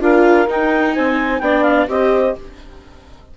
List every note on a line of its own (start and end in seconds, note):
0.00 0.47 D4
0.00 0.47 F4
0.00 0.95 A#4
0.00 0.49 F5
0.47 1.40 D#4
0.47 0.96 D#4
0.47 0.94 G5
0.94 1.40 C4
0.94 1.41 C5
0.94 1.39 G#5
1.39 1.87 B3
1.39 1.88 D4
1.39 1.89 D5
1.39 1.62 G5
1.62 1.86 F5
1.88 2.34 C4
1.88 2.35 G4
1.88 2.37 C5
1.88 2.36 D#5